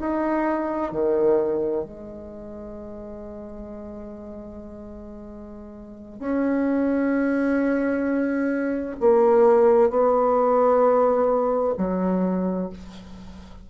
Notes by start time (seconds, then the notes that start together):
0.00 D#4
0.92 D#3
1.85 G#3
6.20 C#4
9.01 A#3
9.90 B3
11.78 F#3